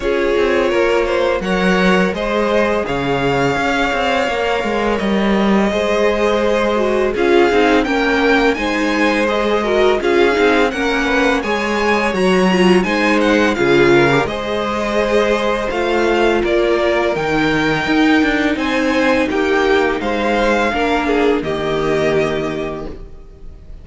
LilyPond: <<
  \new Staff \with { instrumentName = "violin" } { \time 4/4 \tempo 4 = 84 cis''2 fis''4 dis''4 | f''2. dis''4~ | dis''2 f''4 g''4 | gis''4 dis''4 f''4 fis''4 |
gis''4 ais''4 gis''8 fis''8 f''4 | dis''2 f''4 d''4 | g''2 gis''4 g''4 | f''2 dis''2 | }
  \new Staff \with { instrumentName = "violin" } { \time 4/4 gis'4 ais'8 c''8 cis''4 c''4 | cis''1 | c''2 gis'4 ais'4 | c''4. ais'8 gis'4 ais'8 b'8 |
cis''2 c''4 gis'8 ais'8 | c''2. ais'4~ | ais'2 c''4 g'4 | c''4 ais'8 gis'8 g'2 | }
  \new Staff \with { instrumentName = "viola" } { \time 4/4 f'2 ais'4 gis'4~ | gis'2 ais'2 | gis'4. fis'8 f'8 dis'8 cis'4 | dis'4 gis'8 fis'8 f'8 dis'8 cis'4 |
gis'4 fis'8 f'8 dis'4 f'8. g'16 | gis'2 f'2 | dis'1~ | dis'4 d'4 ais2 | }
  \new Staff \with { instrumentName = "cello" } { \time 4/4 cis'8 c'8 ais4 fis4 gis4 | cis4 cis'8 c'8 ais8 gis8 g4 | gis2 cis'8 c'8 ais4 | gis2 cis'8 c'8 ais4 |
gis4 fis4 gis4 cis4 | gis2 a4 ais4 | dis4 dis'8 d'8 c'4 ais4 | gis4 ais4 dis2 | }
>>